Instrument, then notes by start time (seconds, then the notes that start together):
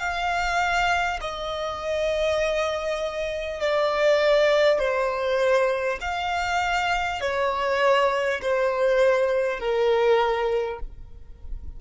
violin
0.00 F5
1.21 D#5
3.61 D5
4.79 C5
6.01 F5
7.21 C#5
8.42 C5
9.59 A#4